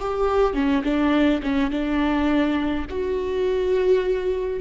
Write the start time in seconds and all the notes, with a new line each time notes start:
0.00 G4
0.54 C#4
0.84 D4
1.43 C#4
1.70 D4
2.90 F#4